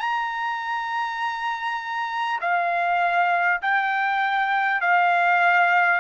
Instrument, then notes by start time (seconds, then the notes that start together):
trumpet
0.00 A#5
2.41 F5
3.62 G5
4.82 F5